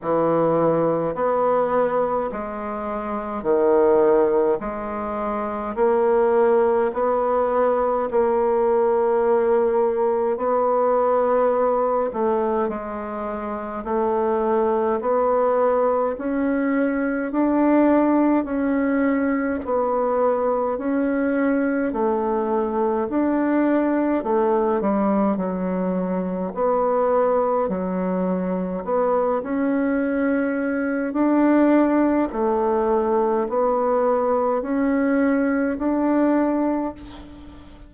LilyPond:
\new Staff \with { instrumentName = "bassoon" } { \time 4/4 \tempo 4 = 52 e4 b4 gis4 dis4 | gis4 ais4 b4 ais4~ | ais4 b4. a8 gis4 | a4 b4 cis'4 d'4 |
cis'4 b4 cis'4 a4 | d'4 a8 g8 fis4 b4 | fis4 b8 cis'4. d'4 | a4 b4 cis'4 d'4 | }